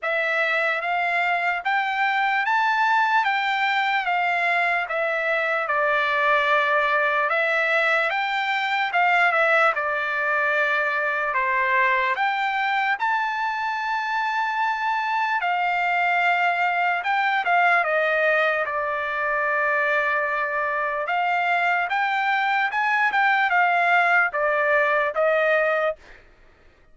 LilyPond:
\new Staff \with { instrumentName = "trumpet" } { \time 4/4 \tempo 4 = 74 e''4 f''4 g''4 a''4 | g''4 f''4 e''4 d''4~ | d''4 e''4 g''4 f''8 e''8 | d''2 c''4 g''4 |
a''2. f''4~ | f''4 g''8 f''8 dis''4 d''4~ | d''2 f''4 g''4 | gis''8 g''8 f''4 d''4 dis''4 | }